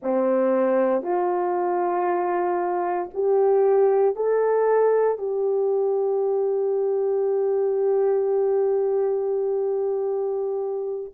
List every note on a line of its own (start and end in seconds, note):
0.02 1.03 C4
1.03 3.09 F4
3.14 4.15 G4
4.15 5.18 A4
5.18 11.13 G4